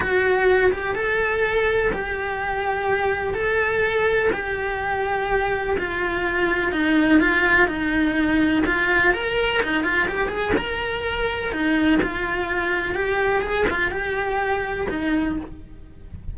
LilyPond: \new Staff \with { instrumentName = "cello" } { \time 4/4 \tempo 4 = 125 fis'4. g'8 a'2 | g'2. a'4~ | a'4 g'2. | f'2 dis'4 f'4 |
dis'2 f'4 ais'4 | dis'8 f'8 g'8 gis'8 ais'2 | dis'4 f'2 g'4 | gis'8 f'8 g'2 dis'4 | }